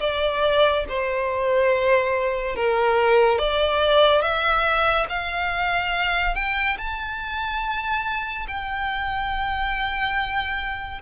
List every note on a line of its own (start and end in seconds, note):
0.00 0.85 D5
0.89 2.55 C5
2.55 3.38 A#4
3.38 4.22 D5
4.22 5.06 E5
5.09 6.35 F5
6.35 6.77 G5
6.78 8.47 A5
8.48 11.01 G5